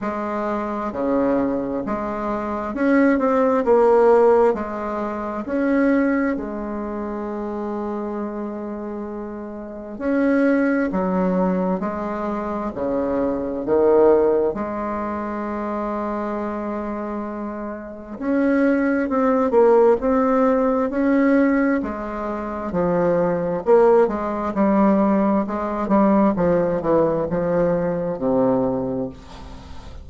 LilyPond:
\new Staff \with { instrumentName = "bassoon" } { \time 4/4 \tempo 4 = 66 gis4 cis4 gis4 cis'8 c'8 | ais4 gis4 cis'4 gis4~ | gis2. cis'4 | fis4 gis4 cis4 dis4 |
gis1 | cis'4 c'8 ais8 c'4 cis'4 | gis4 f4 ais8 gis8 g4 | gis8 g8 f8 e8 f4 c4 | }